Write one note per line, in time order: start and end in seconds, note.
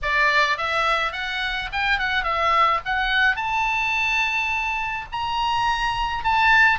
0.02 0.57 D5
0.57 1.12 E5
1.12 1.69 F#5
1.72 1.99 G5
1.99 2.23 F#5
2.23 2.80 E5
2.85 3.36 F#5
3.36 5.05 A5
5.11 6.23 A#5
6.23 6.78 A5